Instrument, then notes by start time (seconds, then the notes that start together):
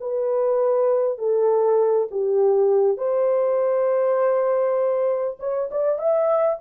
horn
0.00 B4
1.18 A4
2.11 G4
2.97 C5
5.39 C#5
5.71 D5
5.99 E5